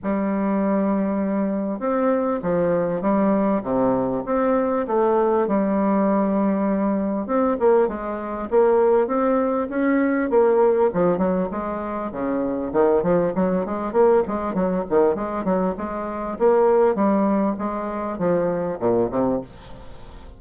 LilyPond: \new Staff \with { instrumentName = "bassoon" } { \time 4/4 \tempo 4 = 99 g2. c'4 | f4 g4 c4 c'4 | a4 g2. | c'8 ais8 gis4 ais4 c'4 |
cis'4 ais4 f8 fis8 gis4 | cis4 dis8 f8 fis8 gis8 ais8 gis8 | fis8 dis8 gis8 fis8 gis4 ais4 | g4 gis4 f4 ais,8 c8 | }